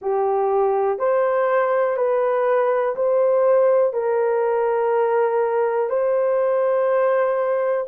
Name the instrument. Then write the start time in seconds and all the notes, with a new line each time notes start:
horn
0.01 G4
0.98 C5
1.96 B4
2.95 C5
3.93 A#4
5.89 C5